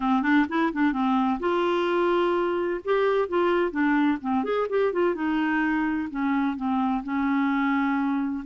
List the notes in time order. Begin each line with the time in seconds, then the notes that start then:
0.00 C4
0.22 D4
0.48 E4
0.72 D4
0.92 C4
1.39 F4
2.84 G4
3.28 F4
3.71 D4
4.21 C4
4.44 G#4
4.69 G4
4.93 F4
5.15 D#4
6.10 C#4
6.56 C4
7.03 C#4